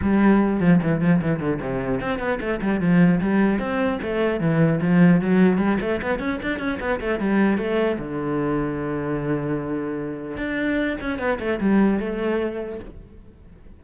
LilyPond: \new Staff \with { instrumentName = "cello" } { \time 4/4 \tempo 4 = 150 g4. f8 e8 f8 e8 d8 | c4 c'8 b8 a8 g8 f4 | g4 c'4 a4 e4 | f4 fis4 g8 a8 b8 cis'8 |
d'8 cis'8 b8 a8 g4 a4 | d1~ | d2 d'4. cis'8 | b8 a8 g4 a2 | }